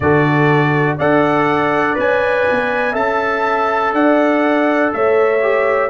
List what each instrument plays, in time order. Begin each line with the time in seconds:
0.00 tuba D3, trombone F#4, horn A4, trumpet D5
0.97 tuba D4, trombone A4, horn D5, trumpet F#5
1.95 tuba C#4, trombone B4, trumpet G#5
2.50 tuba B3
2.92 tuba C#4, trombone A4, horn E5, trumpet A5
3.93 tuba D4, horn D5, trumpet F#5
4.93 tuba A3, horn C#5, trumpet E5
5.42 trombone G4